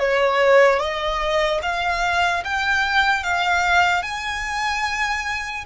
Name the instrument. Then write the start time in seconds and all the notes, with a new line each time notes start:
violin
0.00 C#5
0.80 D#5
1.63 F5
2.45 G5
3.24 F5
4.03 G#5